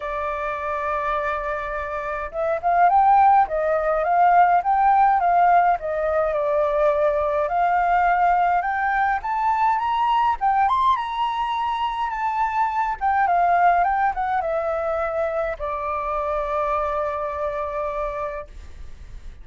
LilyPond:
\new Staff \with { instrumentName = "flute" } { \time 4/4 \tempo 4 = 104 d''1 | e''8 f''8 g''4 dis''4 f''4 | g''4 f''4 dis''4 d''4~ | d''4 f''2 g''4 |
a''4 ais''4 g''8 c'''8 ais''4~ | ais''4 a''4. g''8 f''4 | g''8 fis''8 e''2 d''4~ | d''1 | }